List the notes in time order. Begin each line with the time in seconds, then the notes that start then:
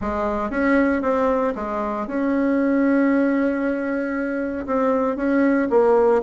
0.01 G#3
0.50 C#4
1.01 C4
1.55 G#3
2.07 C#4
4.66 C4
5.16 C#4
5.70 A#3